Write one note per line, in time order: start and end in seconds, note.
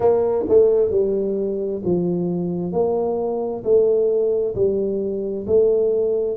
0.00 0.45 A#3
0.48 0.90 A3
0.90 1.81 G3
1.84 2.72 F3
2.72 3.63 A#3
3.64 4.55 A3
4.55 5.45 G3
5.46 6.36 A3